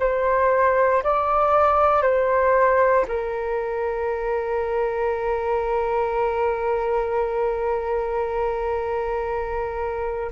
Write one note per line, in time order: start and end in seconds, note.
0.00 1.03 C5
1.03 2.02 D5
2.02 3.06 C5
3.08 10.32 A#4